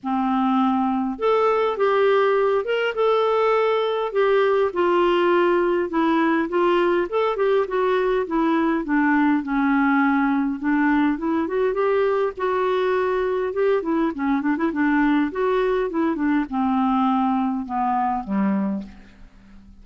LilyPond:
\new Staff \with { instrumentName = "clarinet" } { \time 4/4 \tempo 4 = 102 c'2 a'4 g'4~ | g'8 ais'8 a'2 g'4 | f'2 e'4 f'4 | a'8 g'8 fis'4 e'4 d'4 |
cis'2 d'4 e'8 fis'8 | g'4 fis'2 g'8 e'8 | cis'8 d'16 e'16 d'4 fis'4 e'8 d'8 | c'2 b4 g4 | }